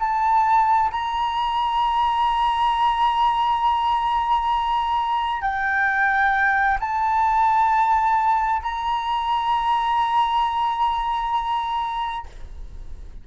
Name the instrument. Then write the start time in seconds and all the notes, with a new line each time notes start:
flute
0.00 A5
0.91 A#5
5.42 G5
6.80 A5
8.62 A#5